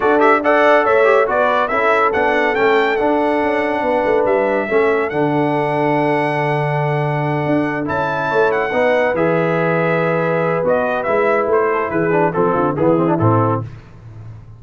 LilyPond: <<
  \new Staff \with { instrumentName = "trumpet" } { \time 4/4 \tempo 4 = 141 d''8 e''8 fis''4 e''4 d''4 | e''4 fis''4 g''4 fis''4~ | fis''2 e''2 | fis''1~ |
fis''2~ fis''8 a''4. | fis''4. e''2~ e''8~ | e''4 dis''4 e''4 c''4 | b'4 a'4 gis'4 a'4 | }
  \new Staff \with { instrumentName = "horn" } { \time 4/4 a'4 d''4 cis''4 b'4 | a'1~ | a'4 b'2 a'4~ | a'1~ |
a'2.~ a'8 cis''8~ | cis''8 b'2.~ b'8~ | b'2.~ b'8 a'8 | gis'4 a'8 f'8 e'2 | }
  \new Staff \with { instrumentName = "trombone" } { \time 4/4 fis'8 g'8 a'4. g'8 fis'4 | e'4 d'4 cis'4 d'4~ | d'2. cis'4 | d'1~ |
d'2~ d'8 e'4.~ | e'8 dis'4 gis'2~ gis'8~ | gis'4 fis'4 e'2~ | e'8 d'8 c'4 b8 c'16 d'16 c'4 | }
  \new Staff \with { instrumentName = "tuba" } { \time 4/4 d'2 a4 b4 | cis'4 b4 a4 d'4 | cis'4 b8 a8 g4 a4 | d1~ |
d4. d'4 cis'4 a8~ | a8 b4 e2~ e8~ | e4 b4 gis4 a4 | e4 f8 d8 e4 a,4 | }
>>